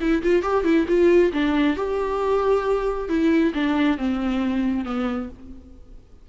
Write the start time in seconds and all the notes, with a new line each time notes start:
0.00 E4
0.22 F4
0.42 G4
0.64 E4
0.88 F4
1.33 D4
1.76 G4
3.08 E4
3.54 D4
3.97 C4
4.85 B3